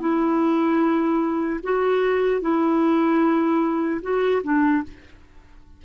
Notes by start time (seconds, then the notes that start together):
0.00 E4
1.63 F#4
2.41 E4
4.02 F#4
4.43 D4